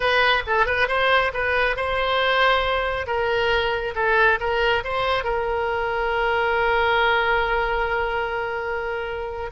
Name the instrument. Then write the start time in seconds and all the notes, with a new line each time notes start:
oboe
0.00 B4
0.46 A4
0.66 B4
0.88 C5
1.33 B4
1.76 C5
3.07 A#4
3.95 A4
4.40 A#4
4.84 C5
5.23 A#4